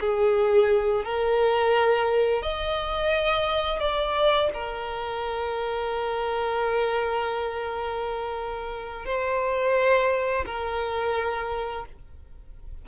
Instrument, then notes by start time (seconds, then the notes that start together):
violin
0.00 G#4
1.05 A#4
2.42 D#5
3.80 D5
4.54 A#4
9.06 C5
10.46 A#4